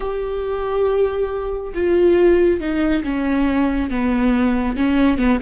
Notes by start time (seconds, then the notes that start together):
0.00 G4
1.74 F4
2.60 D#4
3.03 C#4
3.90 B3
4.76 C#4
5.18 B3